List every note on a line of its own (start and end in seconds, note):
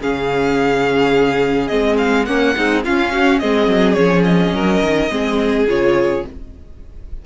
0.00 1.71 C#3
0.00 1.70 C#4
0.00 2.26 G#4
0.00 1.67 F5
1.67 2.27 G#3
1.67 2.26 C4
1.67 1.95 D#5
1.97 2.25 F5
2.25 2.54 A#3
2.25 2.55 A#3
2.25 2.55 C#4
2.25 2.82 F#5
2.56 2.84 G#3
2.56 2.85 C4
2.56 2.84 D#4
2.84 3.42 C#4
2.84 3.12 F4
2.84 3.39 F5
3.12 3.40 F#4
3.39 3.67 G#3
3.39 3.95 C4
3.39 4.55 G#4
3.39 3.93 D#5
3.67 3.95 F#3
3.93 4.53 F3
3.93 5.09 C#4
3.93 4.22 C#5
4.24 5.65 D#5
4.53 4.81 F#3
4.53 5.11 A#4
4.81 5.10 D#3
5.10 5.66 G#3
5.10 5.67 C4
5.10 6.25 G#4
5.67 6.23 C#3
5.67 6.24 F4
5.67 6.25 C#5